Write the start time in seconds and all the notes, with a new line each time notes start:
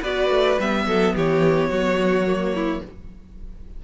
0.00 B3 F#4 B4 D5
0.29 A3
0.59 G3 B3 E5
0.86 F#3 A4
1.15 E3 G4 C#5
1.69 F#3 F#4
2.26 A#3
2.55 E4